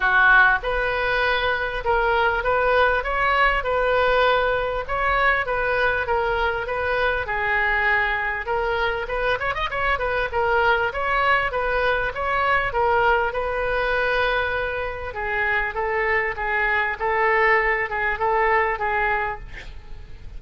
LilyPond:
\new Staff \with { instrumentName = "oboe" } { \time 4/4 \tempo 4 = 99 fis'4 b'2 ais'4 | b'4 cis''4 b'2 | cis''4 b'4 ais'4 b'4 | gis'2 ais'4 b'8 cis''16 dis''16 |
cis''8 b'8 ais'4 cis''4 b'4 | cis''4 ais'4 b'2~ | b'4 gis'4 a'4 gis'4 | a'4. gis'8 a'4 gis'4 | }